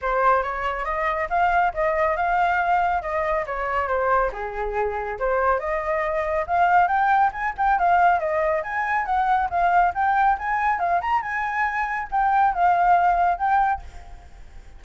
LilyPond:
\new Staff \with { instrumentName = "flute" } { \time 4/4 \tempo 4 = 139 c''4 cis''4 dis''4 f''4 | dis''4 f''2 dis''4 | cis''4 c''4 gis'2 | c''4 dis''2 f''4 |
g''4 gis''8 g''8 f''4 dis''4 | gis''4 fis''4 f''4 g''4 | gis''4 f''8 ais''8 gis''2 | g''4 f''2 g''4 | }